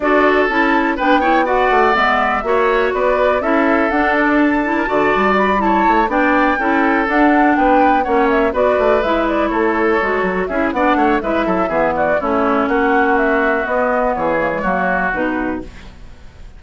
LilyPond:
<<
  \new Staff \with { instrumentName = "flute" } { \time 4/4 \tempo 4 = 123 d''4 a''4 g''4 fis''4 | e''2 d''4 e''4 | fis''8 d''8 a''2 b''8 a''8~ | a''8 g''2 fis''4 g''8~ |
g''8 fis''8 e''8 d''4 e''8 d''8 cis''8~ | cis''4. e''8 fis''4 e''4~ | e''8 d''8 cis''4 fis''4 e''4 | dis''4 cis''2 b'4 | }
  \new Staff \with { instrumentName = "oboe" } { \time 4/4 a'2 b'8 cis''8 d''4~ | d''4 cis''4 b'4 a'4~ | a'4.~ a'16 ais'16 d''4. cis''8~ | cis''8 d''4 a'2 b'8~ |
b'8 cis''4 b'2 a'8~ | a'4. gis'8 d''8 cis''8 b'8 a'8 | gis'8 fis'8 e'4 fis'2~ | fis'4 gis'4 fis'2 | }
  \new Staff \with { instrumentName = "clarinet" } { \time 4/4 fis'4 e'4 d'8 e'8 fis'4 | b4 fis'2 e'4 | d'4. e'8 fis'4. e'8~ | e'8 d'4 e'4 d'4.~ |
d'8 cis'4 fis'4 e'4.~ | e'8 fis'4 e'8 d'4 e'4 | b4 cis'2. | b4. ais16 gis16 ais4 dis'4 | }
  \new Staff \with { instrumentName = "bassoon" } { \time 4/4 d'4 cis'4 b4. a8 | gis4 ais4 b4 cis'4 | d'2 d8 g4. | a8 b4 cis'4 d'4 b8~ |
b8 ais4 b8 a8 gis4 a8~ | a8 gis8 fis8 cis'8 b8 a8 gis8 fis8 | e4 a4 ais2 | b4 e4 fis4 b,4 | }
>>